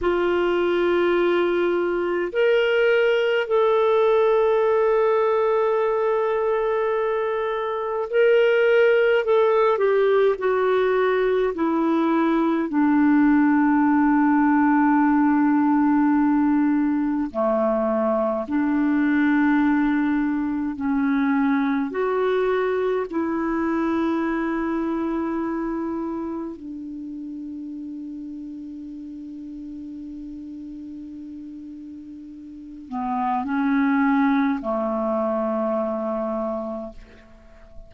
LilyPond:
\new Staff \with { instrumentName = "clarinet" } { \time 4/4 \tempo 4 = 52 f'2 ais'4 a'4~ | a'2. ais'4 | a'8 g'8 fis'4 e'4 d'4~ | d'2. a4 |
d'2 cis'4 fis'4 | e'2. d'4~ | d'1~ | d'8 b8 cis'4 a2 | }